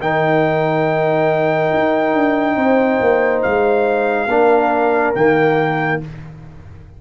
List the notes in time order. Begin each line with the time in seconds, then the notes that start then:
0.00 D#3 D#4 A#4 G5
1.74 D#4
2.14 D4
2.56 C4 C5
3.01 A#3
3.43 G#3 F5
4.27 A#3 D4 A#4
5.15 D#3 A#3 G5